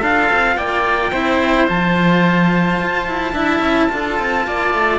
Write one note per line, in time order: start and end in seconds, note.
0.00 0.30 D4
0.00 1.12 F4
0.00 0.56 A4
0.00 0.57 F5
0.32 0.57 C4
0.57 1.12 A#3
0.57 1.12 D5
0.57 1.68 G5
1.12 1.67 C4
1.12 1.67 E4
1.12 3.33 C5
1.67 2.80 F3
1.67 3.34 F4
1.67 4.99 A5
2.80 3.07 F4
3.07 3.32 E4
3.32 3.59 D4
3.32 3.89 E4
3.32 3.89 E5
3.59 3.87 C#4
3.89 4.19 D4
3.89 4.99 F4
3.89 4.47 A4
4.19 4.47 C4
4.47 4.74 A#3
4.47 4.99 D5
4.74 4.99 A3